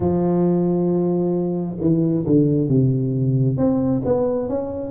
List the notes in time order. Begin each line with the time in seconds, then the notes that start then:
0.00 F3
1.80 E3
2.26 D3
2.68 C3
3.57 C4
4.04 B3
4.49 C#4